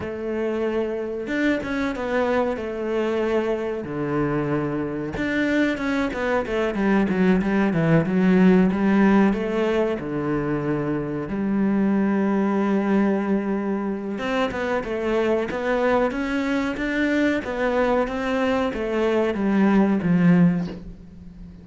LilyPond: \new Staff \with { instrumentName = "cello" } { \time 4/4 \tempo 4 = 93 a2 d'8 cis'8 b4 | a2 d2 | d'4 cis'8 b8 a8 g8 fis8 g8 | e8 fis4 g4 a4 d8~ |
d4. g2~ g8~ | g2 c'8 b8 a4 | b4 cis'4 d'4 b4 | c'4 a4 g4 f4 | }